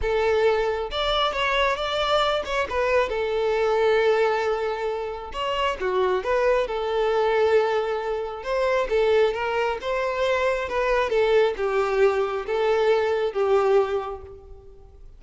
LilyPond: \new Staff \with { instrumentName = "violin" } { \time 4/4 \tempo 4 = 135 a'2 d''4 cis''4 | d''4. cis''8 b'4 a'4~ | a'1 | cis''4 fis'4 b'4 a'4~ |
a'2. c''4 | a'4 ais'4 c''2 | b'4 a'4 g'2 | a'2 g'2 | }